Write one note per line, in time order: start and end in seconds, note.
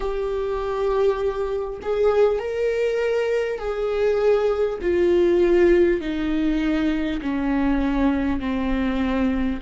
0.00 1.79 G4
1.82 2.38 G#4
2.38 3.58 A#4
3.58 4.78 G#4
4.81 6.01 F4
6.01 7.21 D#4
7.21 8.40 C#4
8.40 9.60 C4